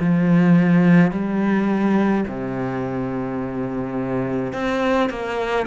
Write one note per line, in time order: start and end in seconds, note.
0.00 1.11 F3
1.11 2.24 G3
2.27 4.53 C3
4.53 5.09 C4
5.09 5.66 A#3